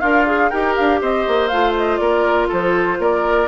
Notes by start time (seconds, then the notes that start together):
0.00 D4 F4 A#4 F5
0.27 G#4
0.50 D#4 G4 A#4 G5
0.76 D4 F5
1.01 C4 C5 D#5
1.27 A#3
1.48 A3 F4 F5
1.77 D#5
1.97 A#3 A#4 D5
2.48 F3 A4 C5
2.99 A#3 A#4 D5